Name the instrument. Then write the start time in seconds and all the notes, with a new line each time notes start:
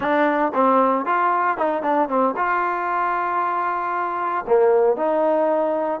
trombone
0.00 D4
0.54 C4
1.05 F4
1.57 D#4
1.82 D4
2.08 C4
2.36 F4
4.47 A#3
4.96 D#4